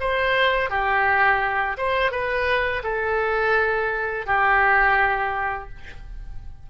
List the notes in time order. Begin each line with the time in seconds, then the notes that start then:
0.00 C5
0.69 G4
1.77 C5
2.11 B4
2.83 A4
4.26 G4